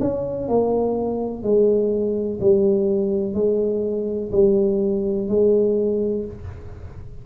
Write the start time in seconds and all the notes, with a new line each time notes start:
0.00 C#4
0.48 A#3
1.43 G#3
2.41 G3
3.34 G#3
4.32 G3
5.29 G#3